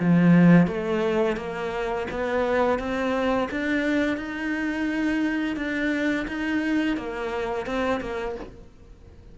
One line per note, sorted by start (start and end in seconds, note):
0.00 0.67 F3
0.67 1.37 A3
1.37 2.07 A#3
2.11 2.79 B3
2.79 3.49 C4
3.51 4.17 D4
4.17 5.57 D#4
5.57 6.26 D4
6.28 6.97 D#4
6.97 7.66 A#3
7.66 8.01 C4
8.01 8.36 A#3